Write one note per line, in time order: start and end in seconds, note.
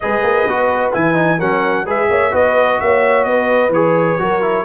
0.00 0.23 G#3
0.00 0.48 G#4
0.00 1.37 B4
0.00 0.91 D#5
0.23 0.46 A#3
0.46 0.93 B3
0.46 0.93 F#4
0.93 1.40 E3
0.93 1.14 E4
0.93 1.40 G#5
1.14 1.37 D#4
1.37 1.86 F#3
1.37 1.86 C#4
1.37 1.84 A#4
1.37 1.86 F#5
1.85 2.09 G#3
1.85 2.31 G#4
1.85 2.09 B4
1.85 2.35 E5
2.09 2.33 A#3
2.09 2.31 C#5
2.31 2.80 B3
2.31 3.70 F#4
2.31 2.78 B4
2.31 2.80 D#5
2.80 3.25 A#3
2.80 3.28 C#5
2.80 3.24 E5
3.24 3.69 B3
3.24 4.21 B4
3.24 3.70 D#5
3.69 4.16 E3
3.69 4.18 G#4
3.69 4.65 C#5
4.18 4.65 F#3
4.18 4.41 F#4
4.18 4.65 A#4
4.41 4.65 E4